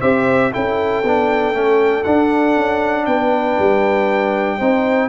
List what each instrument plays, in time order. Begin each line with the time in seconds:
0.00 tuba C4, trombone G4, horn C5, trumpet E5
0.52 tuba C#4, trombone E4, horn A4, trumpet G5
1.04 tuba B3, trombone D4
1.54 tuba A3, trombone C#4
2.04 tuba D4, trombone D4, trumpet F#5
2.57 tuba C#4
3.06 tuba B3, horn B4, trumpet G5
3.59 tuba G3
4.58 tuba C4, trombone D#4, horn C5